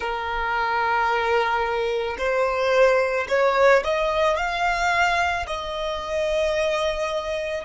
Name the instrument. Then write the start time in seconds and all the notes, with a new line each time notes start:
violin
0.00 A#4
2.18 C5
3.28 C#5
3.84 D#5
4.36 F5
5.46 D#5